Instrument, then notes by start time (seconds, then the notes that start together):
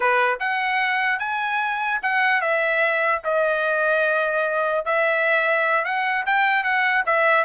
trumpet
0.00 B4
0.39 F#5
1.19 G#5
2.02 F#5
2.41 E5
3.24 D#5
4.85 E5
5.84 F#5
6.25 G5
6.63 F#5
7.06 E5